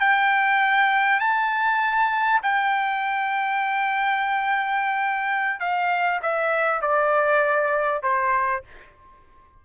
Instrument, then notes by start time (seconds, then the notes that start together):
trumpet
0.00 G5
1.20 A5
2.42 G5
5.60 F5
6.22 E5
6.82 D5
8.03 C5